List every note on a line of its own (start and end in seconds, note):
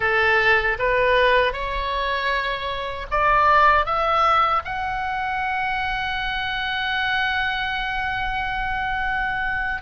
0.00 0.77 A4
0.78 1.52 B4
1.52 3.06 C#5
3.10 3.85 D5
3.85 4.62 E5
4.64 9.82 F#5